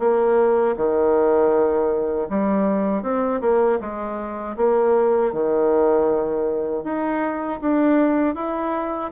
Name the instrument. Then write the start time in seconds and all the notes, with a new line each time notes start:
bassoon
0.00 A#3
0.77 D#3
2.30 G3
3.03 C4
3.41 A#3
3.81 G#3
4.57 A#3
5.33 D#3
6.84 D#4
7.61 D4
8.35 E4